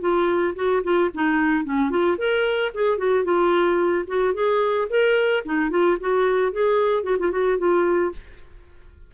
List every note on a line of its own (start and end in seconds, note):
0.00 0.54 F4
0.56 0.83 F#4
0.83 1.10 F4
1.14 1.64 D#4
1.64 1.90 C#4
1.90 2.17 F4
2.18 2.72 A#4
2.74 2.98 G#4
2.98 3.24 F#4
3.24 4.05 F4
4.07 4.34 F#4
4.34 4.88 G#4
4.89 5.43 A#4
5.45 5.70 D#4
5.70 5.97 F4
6.00 6.52 F#4
6.52 7.03 G#4
7.03 7.17 F#4
7.19 7.31 F4
7.31 7.58 F#4
7.58 8.12 F4